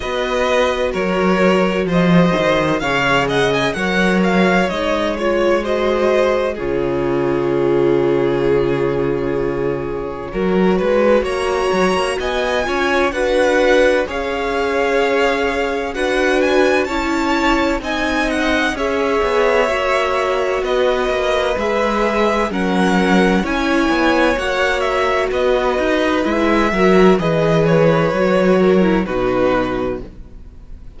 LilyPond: <<
  \new Staff \with { instrumentName = "violin" } { \time 4/4 \tempo 4 = 64 dis''4 cis''4 dis''4 f''8 fis''16 gis''16 | fis''8 f''8 dis''8 cis''8 dis''4 cis''4~ | cis''1 | ais''4 gis''4 fis''4 f''4~ |
f''4 fis''8 gis''8 a''4 gis''8 fis''8 | e''2 dis''4 e''4 | fis''4 gis''4 fis''8 e''8 dis''4 | e''4 dis''8 cis''4. b'4 | }
  \new Staff \with { instrumentName = "violin" } { \time 4/4 b'4 ais'4 c''4 cis''8 dis''8 | cis''2 c''4 gis'4~ | gis'2. ais'8 b'8 | cis''4 dis''8 cis''8 b'4 cis''4~ |
cis''4 b'4 cis''4 dis''4 | cis''2 b'2 | ais'4 cis''2 b'4~ | b'8 ais'8 b'4. ais'8 fis'4 | }
  \new Staff \with { instrumentName = "viola" } { \time 4/4 fis'2. gis'4 | ais'4 dis'8 f'8 fis'4 f'4~ | f'2. fis'4~ | fis'4. f'8 fis'4 gis'4~ |
gis'4 fis'4 e'4 dis'4 | gis'4 fis'2 gis'4 | cis'4 e'4 fis'2 | e'8 fis'8 gis'4 fis'8. e'16 dis'4 | }
  \new Staff \with { instrumentName = "cello" } { \time 4/4 b4 fis4 f8 dis8 cis4 | fis4 gis2 cis4~ | cis2. fis8 gis8 | ais8 fis16 ais16 b8 cis'8 d'4 cis'4~ |
cis'4 d'4 cis'4 c'4 | cis'8 b8 ais4 b8 ais8 gis4 | fis4 cis'8 b8 ais4 b8 dis'8 | gis8 fis8 e4 fis4 b,4 | }
>>